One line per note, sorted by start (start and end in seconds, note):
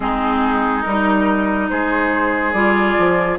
0.00 0.84 G#3
0.00 0.83 C4
0.00 1.71 D#4
0.00 0.82 G#4
0.82 1.70 G3
0.82 2.54 D#4
0.82 1.67 A#4
1.69 2.53 G#3
1.69 3.39 G#4
1.69 2.52 C5
2.52 2.95 G3
2.52 3.39 F4
2.52 3.37 D5
2.98 3.39 F3